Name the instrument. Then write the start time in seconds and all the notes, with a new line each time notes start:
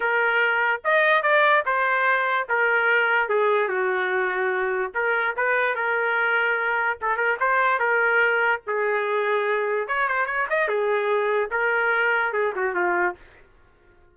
trumpet
0.00 A#4
0.84 D#5
1.22 D5
1.65 C5
2.48 A#4
3.28 G#4
3.68 F#4
4.94 A#4
5.36 B4
5.75 A#4
7.01 A4
7.16 A#4
7.40 C5
7.79 A#4
8.66 G#4
9.87 C#5
10.08 C5
10.26 C#5
10.49 D#5
10.68 G#4
11.50 A#4
12.33 G#4
12.55 F#4
12.74 F4